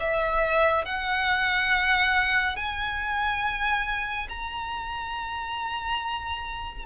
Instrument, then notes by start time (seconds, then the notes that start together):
violin
0.00 E5
0.85 F#5
2.56 G#5
4.29 A#5